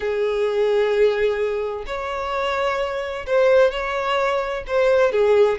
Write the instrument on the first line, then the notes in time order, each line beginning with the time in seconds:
violin
0.00 G#4
1.86 C#5
3.26 C5
3.71 C#5
4.67 C5
5.11 G#4